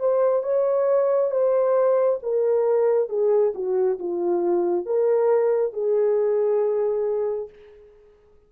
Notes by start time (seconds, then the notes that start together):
0.00 C5
0.43 C#5
1.31 C5
2.23 A#4
3.09 G#4
3.55 F#4
3.99 F4
4.86 A#4
5.73 G#4